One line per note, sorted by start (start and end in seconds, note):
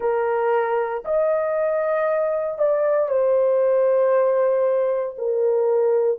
0.00 1.03 A#4
1.04 2.58 D#5
2.58 3.08 D5
3.08 5.15 C5
5.17 6.18 A#4